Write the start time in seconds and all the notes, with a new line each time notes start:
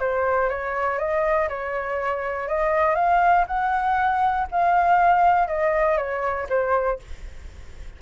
0.00 C5
0.50 C#5
0.99 D#5
1.49 C#5
2.48 D#5
2.96 F5
3.47 F#5
4.52 F5
5.48 D#5
5.97 C#5
6.50 C5